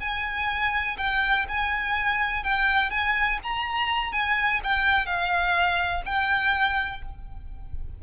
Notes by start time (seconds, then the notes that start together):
0.00 G#5
0.98 G5
1.48 G#5
2.43 G5
2.91 G#5
3.43 A#5
4.12 G#5
4.64 G5
5.06 F5
6.05 G5